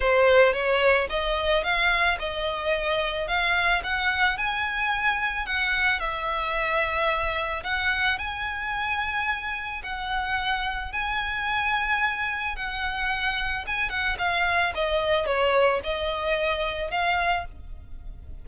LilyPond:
\new Staff \with { instrumentName = "violin" } { \time 4/4 \tempo 4 = 110 c''4 cis''4 dis''4 f''4 | dis''2 f''4 fis''4 | gis''2 fis''4 e''4~ | e''2 fis''4 gis''4~ |
gis''2 fis''2 | gis''2. fis''4~ | fis''4 gis''8 fis''8 f''4 dis''4 | cis''4 dis''2 f''4 | }